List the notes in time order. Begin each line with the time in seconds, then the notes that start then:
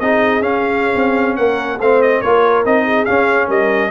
0.00 C4 D#4 G#4 D#5
0.41 C#4 F5
0.95 C4
1.36 A#3 A#4 F#5
1.80 A3 C4 C5 F5
2.02 D#5
2.21 A#3 F4 A#4 C#5
2.65 C4 D#4 D#5
2.85 G#4
3.05 C#4 F5
3.47 G3 A#4 D#5